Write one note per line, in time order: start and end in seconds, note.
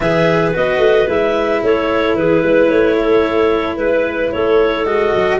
0.00 0.54 E3
0.00 0.53 G#4
0.00 1.63 B4
0.00 0.51 E5
0.53 0.78 B3
0.53 1.07 F#4
0.53 1.09 D#5
0.78 1.05 A3
1.07 1.61 G#3
1.07 4.85 E4
1.07 1.63 E5
1.63 2.14 A3
1.63 2.17 A4
1.63 2.15 C#5
2.14 2.41 E3
2.14 2.41 G#4
2.14 2.69 B4
2.41 2.69 G#3
2.41 2.95 B4
2.69 3.77 A3
2.69 3.77 C#5
2.99 3.76 A4
3.76 4.31 G#3
3.76 4.30 B4
3.76 4.31 B4
4.31 4.86 A3
4.31 5.40 A4
4.31 4.85 C#5
4.85 5.13 G#3
4.85 5.40 F#4
4.85 5.39 D#5
5.15 5.40 F#3